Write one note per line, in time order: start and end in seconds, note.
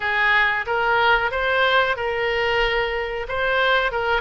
0.00 0.65 G#4
0.66 1.31 A#4
1.31 1.96 C5
1.96 3.26 A#4
3.28 3.91 C5
3.91 4.21 A#4